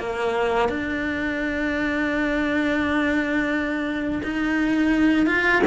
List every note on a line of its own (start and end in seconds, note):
0.00 0.69 A#3
0.69 4.22 D4
4.24 5.27 D#4
5.27 5.62 F4